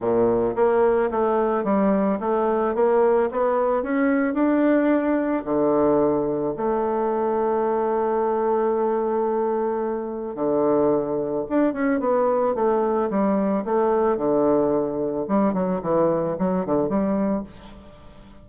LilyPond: \new Staff \with { instrumentName = "bassoon" } { \time 4/4 \tempo 4 = 110 ais,4 ais4 a4 g4 | a4 ais4 b4 cis'4 | d'2 d2 | a1~ |
a2. d4~ | d4 d'8 cis'8 b4 a4 | g4 a4 d2 | g8 fis8 e4 fis8 d8 g4 | }